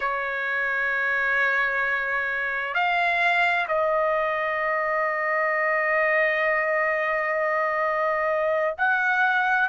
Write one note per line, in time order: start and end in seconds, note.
0.00 2.74 C#5
2.74 3.66 F5
3.68 8.75 D#5
8.77 9.68 F#5